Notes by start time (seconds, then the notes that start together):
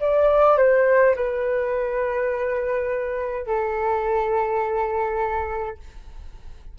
0.00 D5
0.57 C5
1.16 B4
3.47 A4